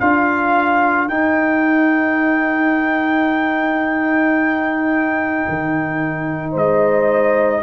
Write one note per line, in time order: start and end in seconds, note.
0.00 1.08 D4
0.00 1.10 F4
0.00 6.52 A#4
0.00 1.09 F5
1.08 5.45 D#4
1.08 7.63 D#4
1.08 6.54 G5
5.49 6.55 D#3
6.52 7.63 G#3
6.52 7.61 C5
6.52 7.63 D#5